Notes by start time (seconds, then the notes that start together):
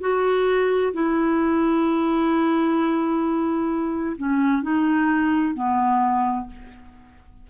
0.00 F#4
0.93 E4
4.17 C#4
4.62 D#4
5.54 B3